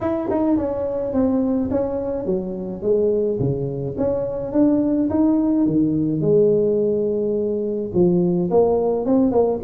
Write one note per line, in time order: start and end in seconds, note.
0.00 0.29 E4
0.30 0.57 D#4
0.57 1.13 C#4
1.13 1.70 C4
1.70 2.25 C#4
2.25 2.81 F#3
2.81 3.38 G#3
3.39 3.96 C#3
3.97 4.52 C#4
4.52 5.09 D4
5.10 5.66 D#4
5.66 6.21 D#3
6.21 7.91 G#3
7.93 8.50 F3
8.50 9.05 A#3
9.05 9.31 C4
9.31 9.59 A#3